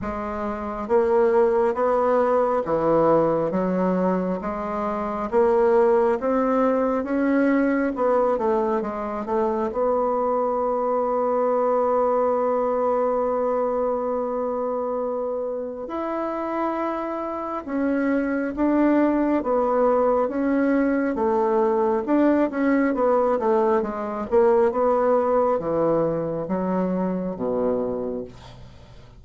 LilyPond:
\new Staff \with { instrumentName = "bassoon" } { \time 4/4 \tempo 4 = 68 gis4 ais4 b4 e4 | fis4 gis4 ais4 c'4 | cis'4 b8 a8 gis8 a8 b4~ | b1~ |
b2 e'2 | cis'4 d'4 b4 cis'4 | a4 d'8 cis'8 b8 a8 gis8 ais8 | b4 e4 fis4 b,4 | }